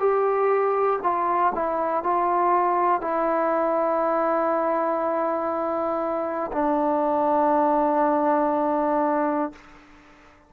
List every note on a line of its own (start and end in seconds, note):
0.00 1.00 G4
1.03 1.53 F4
1.55 2.04 E4
2.04 3.01 F4
3.01 6.51 E4
6.53 9.53 D4